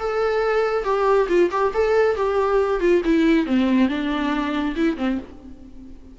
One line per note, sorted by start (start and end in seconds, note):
0.00 0.85 A4
0.85 1.28 G4
1.29 1.50 F4
1.51 1.73 G4
1.74 2.16 A4
2.16 2.81 G4
2.81 3.02 F4
3.05 3.47 E4
3.47 3.89 C4
3.89 4.75 D4
4.76 4.97 E4
4.97 5.19 C4